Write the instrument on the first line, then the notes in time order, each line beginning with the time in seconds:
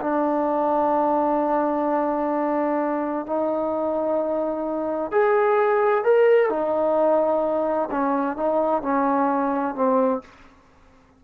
trombone
0.00 D4
3.26 D#4
5.11 G#4
6.04 A#4
6.49 D#4
7.91 C#4
8.36 D#4
8.82 C#4
9.75 C4